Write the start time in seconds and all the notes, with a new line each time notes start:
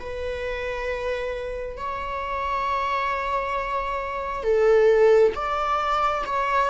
0.00 B4
1.77 C#5
4.44 A4
5.35 D5
6.26 C#5